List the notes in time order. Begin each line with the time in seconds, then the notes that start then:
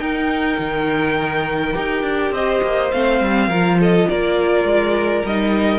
0.00 D#4 A#4 G5
0.59 D#3
1.74 D#4 G4
2.02 D4
2.31 C4 C5 D#5
2.63 A#3
2.92 A3 C4 F5
3.21 G3
3.48 F3 F4 A#4
3.80 A4 D#5
4.10 A#3 A#4 D5
4.65 G#3
5.25 G3 D#4 D#5